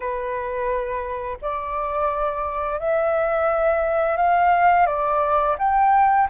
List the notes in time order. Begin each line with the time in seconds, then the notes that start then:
0.00 B4
1.41 D5
2.79 E5
4.17 F5
4.86 D5
5.58 G5